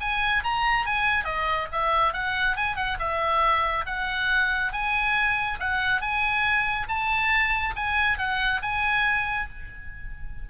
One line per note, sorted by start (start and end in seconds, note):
0.00 0.43 G#5
0.43 0.85 A#5
0.85 1.24 G#5
1.24 1.68 D#5
1.72 2.13 E5
2.13 2.56 F#5
2.56 2.76 G#5
2.76 2.97 F#5
2.99 3.85 E5
3.86 4.72 F#5
4.72 5.59 G#5
5.59 6.01 F#5
6.01 6.87 G#5
6.88 7.74 A5
7.76 8.18 G#5
8.18 8.61 F#5
8.62 9.48 G#5